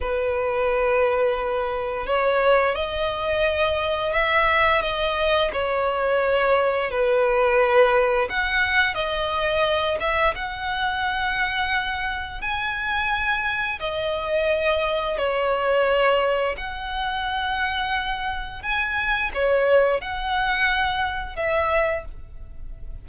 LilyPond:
\new Staff \with { instrumentName = "violin" } { \time 4/4 \tempo 4 = 87 b'2. cis''4 | dis''2 e''4 dis''4 | cis''2 b'2 | fis''4 dis''4. e''8 fis''4~ |
fis''2 gis''2 | dis''2 cis''2 | fis''2. gis''4 | cis''4 fis''2 e''4 | }